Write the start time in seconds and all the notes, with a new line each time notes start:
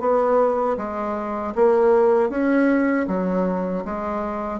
0.00 B3
0.77 G#3
1.55 A#3
2.29 C#4
3.08 F#3
3.85 G#3